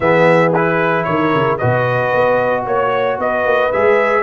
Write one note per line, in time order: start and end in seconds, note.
0.00 1.06 E3
0.00 0.54 B3
0.00 1.07 G#4
0.00 0.52 E5
0.53 1.59 E4
0.53 1.03 B4
1.03 1.34 D#3
1.03 1.58 A#4
1.03 1.57 C#5
1.34 1.60 C#3
1.58 2.13 B2
1.58 3.72 F#4
1.58 2.64 B4
1.58 2.64 D#5
2.13 2.66 B3
2.64 3.18 A#3
2.64 3.18 C#5
2.64 3.19 C#5
3.18 3.44 B3
3.18 4.22 B4
3.18 3.72 D#5
3.44 3.71 A#3
3.72 4.22 G#3
3.72 4.22 G#4
3.72 4.22 E5